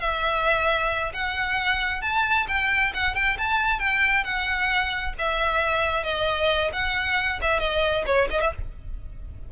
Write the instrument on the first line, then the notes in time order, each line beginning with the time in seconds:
violin
0.00 E5
1.14 F#5
2.01 A5
2.48 G5
2.94 F#5
3.15 G5
3.38 A5
3.79 G5
4.24 F#5
5.18 E5
6.03 D#5
6.73 F#5
7.42 E5
7.60 D#5
8.06 C#5
8.30 D#5
8.41 E5